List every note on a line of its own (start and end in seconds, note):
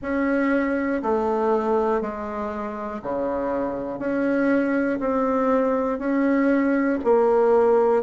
0.02 1.02 C#4
1.02 2.01 A3
2.01 3.01 G#3
3.02 3.99 C#3
3.99 4.99 C#4
5.00 5.99 C4
5.99 6.99 C#4
7.04 8.03 A#3